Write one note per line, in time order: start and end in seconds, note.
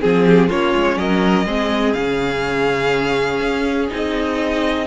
0.00 0.50 F3
0.00 0.49 C4
0.00 0.25 G#4
0.00 0.50 G#4
0.27 0.48 G4
0.48 0.74 A#3
0.48 1.47 C#4
0.48 0.97 F4
0.48 0.98 C#5
0.75 0.97 G#3
0.97 1.45 F#3
0.97 1.46 A#4
0.97 1.93 D#5
1.45 1.94 G#3
1.45 1.96 C4
1.45 4.87 G#4
1.93 3.40 C#3
1.93 3.90 C#4
1.93 3.89 F5
3.40 3.89 C#4
3.90 4.87 C4
3.90 4.87 D#4
3.90 4.87 D#5